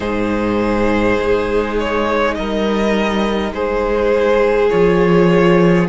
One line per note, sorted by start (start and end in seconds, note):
0.00 1.18 G#2
0.00 4.67 D#4
0.00 2.34 G#4
0.00 1.76 C5
1.20 2.37 G#3
1.79 2.34 C#5
2.34 3.52 G3
2.34 3.54 A#4
2.34 3.52 D#5
3.52 4.69 G#3
3.52 5.88 G#4
3.52 4.69 C5
4.69 5.88 F3
4.69 5.88 F4
4.69 5.86 C#5